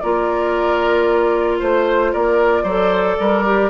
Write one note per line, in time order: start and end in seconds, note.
0.00 1.61 A#3
0.00 2.66 F4
0.00 1.59 A#4
0.00 1.58 D5
1.59 2.13 A3
1.59 2.11 C5
1.59 2.13 C5
2.12 2.64 A#3
2.12 2.63 A#4
2.12 3.70 D5
2.63 3.16 F#3
2.63 3.45 A4
2.63 3.16 C5
3.19 3.70 G3
3.19 3.70 A#4
3.45 3.70 G4